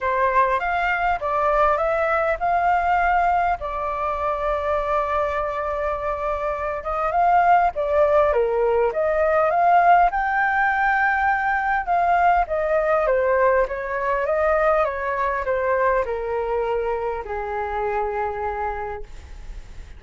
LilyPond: \new Staff \with { instrumentName = "flute" } { \time 4/4 \tempo 4 = 101 c''4 f''4 d''4 e''4 | f''2 d''2~ | d''2.~ d''8 dis''8 | f''4 d''4 ais'4 dis''4 |
f''4 g''2. | f''4 dis''4 c''4 cis''4 | dis''4 cis''4 c''4 ais'4~ | ais'4 gis'2. | }